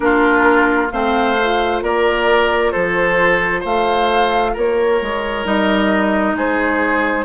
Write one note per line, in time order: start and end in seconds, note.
0.00 0.91 A#3
0.00 0.88 D4
0.00 0.92 F4
0.00 0.89 A#4
0.91 1.81 A3
0.91 1.37 C4
0.91 1.83 C5
0.91 1.82 F5
1.37 5.45 F4
1.81 2.72 A#3
1.81 2.72 A#4
1.81 2.71 D5
2.71 3.64 F3
2.71 3.60 A4
2.71 3.62 C5
3.60 4.55 A3
3.60 4.51 C5
3.60 4.55 F5
4.53 5.01 A#3
4.53 6.35 A#4
4.53 5.45 C#5
5.01 5.45 G#3
5.45 6.34 G3
5.45 7.25 D#4
5.45 6.36 D#5
6.34 7.25 G#3
6.34 7.25 G#4
6.34 7.25 C5